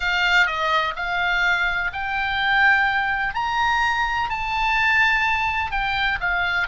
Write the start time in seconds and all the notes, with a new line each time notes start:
0.00 F5
0.46 D#5
0.96 F5
1.92 G5
3.34 A#5
4.29 A5
5.71 G5
6.20 F5